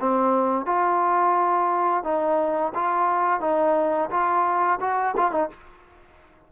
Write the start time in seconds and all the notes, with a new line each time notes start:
0.00 C4
0.66 F4
2.04 D#4
2.75 F4
3.41 D#4
4.11 F4
4.81 F#4
5.17 F4
5.32 D#4